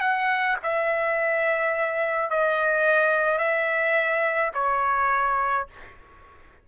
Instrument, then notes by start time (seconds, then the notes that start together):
trumpet
0.00 F#5
0.63 E5
2.30 D#5
3.39 E5
4.54 C#5